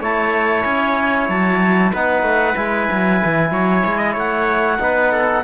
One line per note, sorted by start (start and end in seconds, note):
0.00 0.64 A3
0.00 1.93 E4
0.00 1.91 C#5
0.00 0.63 A5
0.63 1.28 C#4
0.63 1.26 G#5
1.28 1.92 F#3
1.28 1.92 A5
1.91 2.22 B3
1.91 2.55 D#4
1.91 3.51 B4
1.91 2.56 F#5
2.22 2.54 A3
2.55 2.88 G#3
2.55 4.78 E4
2.55 4.16 G#5
2.91 3.23 F#3
3.24 3.51 E3
3.51 3.83 F#3
3.51 3.97 C#5
3.85 4.16 G#3
3.97 4.12 D#5
4.12 4.79 A3
4.12 4.76 C#5
4.12 5.43 F#5
4.79 5.43 B3
4.79 5.43 D#4
4.79 5.11 B4
5.11 5.43 A4